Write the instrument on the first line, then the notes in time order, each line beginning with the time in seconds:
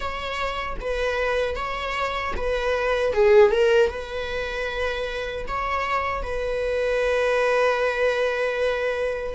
viola
0.00 C#5
0.80 B4
1.55 C#5
2.36 B4
3.13 G#4
3.51 A#4
3.90 B4
5.47 C#5
6.23 B4